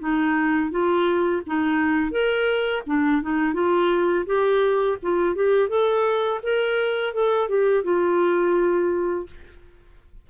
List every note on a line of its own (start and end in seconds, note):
0.00 0.71 D#4
0.71 1.43 F4
1.47 2.12 D#4
2.12 2.83 A#4
2.87 3.23 D4
3.23 3.54 D#4
3.54 4.26 F4
4.27 4.98 G4
5.03 5.36 F4
5.36 5.69 G4
5.69 6.41 A4
6.43 7.14 A#4
7.14 7.49 A4
7.49 7.84 G4
7.84 9.27 F4